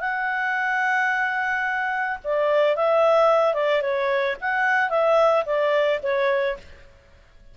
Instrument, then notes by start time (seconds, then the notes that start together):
clarinet
0.00 F#5
2.24 D5
2.76 E5
3.54 D5
3.82 C#5
4.41 F#5
4.90 E5
5.46 D5
6.03 C#5